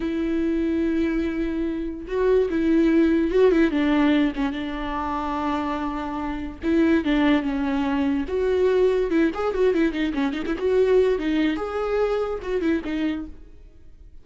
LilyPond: \new Staff \with { instrumentName = "viola" } { \time 4/4 \tempo 4 = 145 e'1~ | e'4 fis'4 e'2 | fis'8 e'8 d'4. cis'8 d'4~ | d'1 |
e'4 d'4 cis'2 | fis'2 e'8 gis'8 fis'8 e'8 | dis'8 cis'8 dis'16 e'16 fis'4. dis'4 | gis'2 fis'8 e'8 dis'4 | }